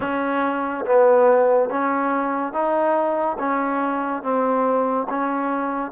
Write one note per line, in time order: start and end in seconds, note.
0.00 0.85 C#4
0.85 1.69 B3
1.69 2.52 C#4
2.52 3.37 D#4
3.38 4.23 C#4
4.23 5.07 C4
5.09 5.91 C#4